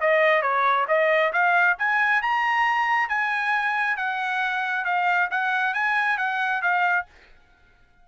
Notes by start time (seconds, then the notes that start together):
0.00 D#5
0.42 C#5
0.88 D#5
1.33 F5
1.78 G#5
2.22 A#5
3.09 G#5
3.97 F#5
4.85 F5
5.31 F#5
5.74 G#5
6.17 F#5
6.62 F5